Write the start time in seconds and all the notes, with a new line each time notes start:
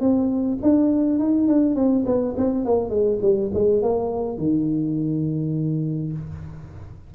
0.00 C4
0.62 D4
1.19 D#4
1.48 D4
1.75 C4
2.06 B3
2.37 C4
2.65 A#3
2.90 G#3
3.21 G3
3.53 G#3
3.82 A#3
4.38 D#3